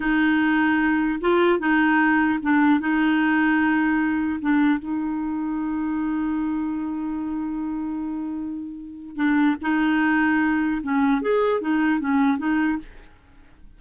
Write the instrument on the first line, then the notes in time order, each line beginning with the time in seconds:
clarinet
0.00 D#4
1.21 F4
1.59 D#4
2.42 D4
2.79 D#4
4.41 D4
4.79 D#4
9.15 D4
9.61 D#4
10.82 C#4
11.21 G#4
11.60 D#4
12.00 C#4
12.37 D#4